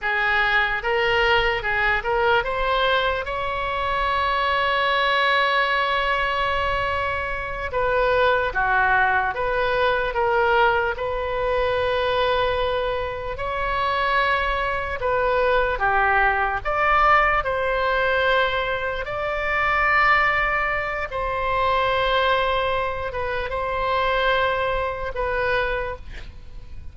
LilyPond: \new Staff \with { instrumentName = "oboe" } { \time 4/4 \tempo 4 = 74 gis'4 ais'4 gis'8 ais'8 c''4 | cis''1~ | cis''4. b'4 fis'4 b'8~ | b'8 ais'4 b'2~ b'8~ |
b'8 cis''2 b'4 g'8~ | g'8 d''4 c''2 d''8~ | d''2 c''2~ | c''8 b'8 c''2 b'4 | }